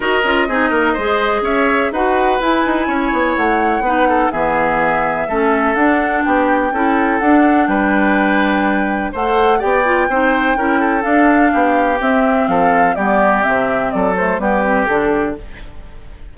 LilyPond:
<<
  \new Staff \with { instrumentName = "flute" } { \time 4/4 \tempo 4 = 125 dis''2. e''4 | fis''4 gis''2 fis''4~ | fis''4 e''2. | fis''4 g''2 fis''4 |
g''2. fis''4 | g''2. f''4~ | f''4 e''4 f''4 d''4 | e''4 d''8 c''8 b'4 a'4 | }
  \new Staff \with { instrumentName = "oboe" } { \time 4/4 ais'4 gis'8 ais'8 c''4 cis''4 | b'2 cis''2 | b'8 a'8 gis'2 a'4~ | a'4 g'4 a'2 |
b'2. c''4 | d''4 c''4 ais'8 a'4. | g'2 a'4 g'4~ | g'4 a'4 g'2 | }
  \new Staff \with { instrumentName = "clarinet" } { \time 4/4 fis'8 f'8 dis'4 gis'2 | fis'4 e'2. | dis'4 b2 cis'4 | d'2 e'4 d'4~ |
d'2. a'4 | g'8 f'8 dis'4 e'4 d'4~ | d'4 c'2 b4 | c'4. a8 b8 c'8 d'4 | }
  \new Staff \with { instrumentName = "bassoon" } { \time 4/4 dis'8 cis'8 c'8 ais8 gis4 cis'4 | dis'4 e'8 dis'8 cis'8 b8 a4 | b4 e2 a4 | d'4 b4 cis'4 d'4 |
g2. a4 | b4 c'4 cis'4 d'4 | b4 c'4 f4 g4 | c4 fis4 g4 d4 | }
>>